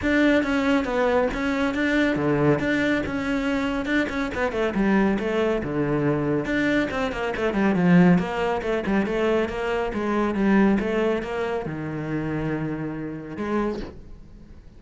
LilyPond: \new Staff \with { instrumentName = "cello" } { \time 4/4 \tempo 4 = 139 d'4 cis'4 b4 cis'4 | d'4 d4 d'4 cis'4~ | cis'4 d'8 cis'8 b8 a8 g4 | a4 d2 d'4 |
c'8 ais8 a8 g8 f4 ais4 | a8 g8 a4 ais4 gis4 | g4 a4 ais4 dis4~ | dis2. gis4 | }